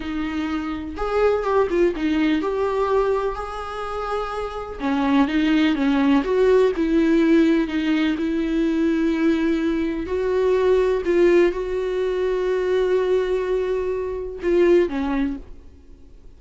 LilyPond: \new Staff \with { instrumentName = "viola" } { \time 4/4 \tempo 4 = 125 dis'2 gis'4 g'8 f'8 | dis'4 g'2 gis'4~ | gis'2 cis'4 dis'4 | cis'4 fis'4 e'2 |
dis'4 e'2.~ | e'4 fis'2 f'4 | fis'1~ | fis'2 f'4 cis'4 | }